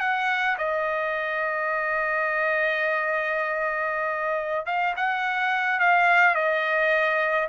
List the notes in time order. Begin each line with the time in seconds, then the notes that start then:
0.00 F#5
0.58 D#5
4.66 F5
4.96 F#5
5.80 F5
6.35 D#5